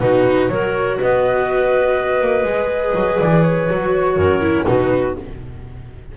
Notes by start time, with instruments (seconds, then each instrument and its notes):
0.00 double bass B2, viola D#4, clarinet F#4, flute B4
0.49 double bass F#3, viola F#4, clarinet A#4, flute C#5
0.98 double bass B3, clarinet B4, flute D#5
2.22 double bass A#3
2.44 double bass G#3, viola G#4
2.95 double bass F#3
3.20 double bass E3, flute D5
3.42 flute C#5
3.70 double bass F#3, viola F#4
4.17 double bass F#2, clarinet A#4
4.41 viola E4
4.66 double bass B2, viola D#4, clarinet F#4, flute B4